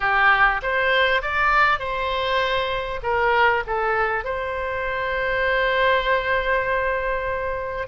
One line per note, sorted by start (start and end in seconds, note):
0.00 0.61 G4
0.62 1.21 C5
1.21 1.79 D5
1.79 3.00 C5
3.02 3.63 A#4
3.66 4.24 A4
4.24 7.87 C5